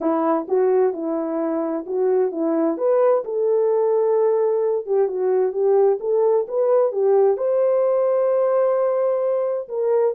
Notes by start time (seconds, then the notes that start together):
0.00 E4
0.47 F#4
0.93 E4
1.86 F#4
2.31 E4
2.77 B4
3.24 A4
4.86 G4
5.08 F#4
5.52 G4
6.00 A4
6.48 B4
6.91 G4
7.37 C5
9.68 A#4